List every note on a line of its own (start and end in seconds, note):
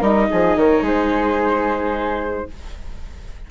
0.00 0.29 G3
0.00 2.48 D#4
0.00 0.27 A#4
0.00 0.59 D#5
0.31 0.56 F3
0.31 0.58 G#4
0.56 0.82 D#3
0.56 0.83 A#4
0.56 0.86 C#5
0.82 2.46 G#3
0.82 2.47 G#4
0.82 2.51 C5